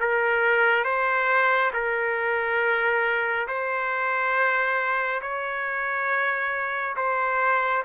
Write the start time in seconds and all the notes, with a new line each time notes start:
0.00 A#4
0.84 C5
1.73 A#4
3.47 C5
5.22 C#5
6.96 C5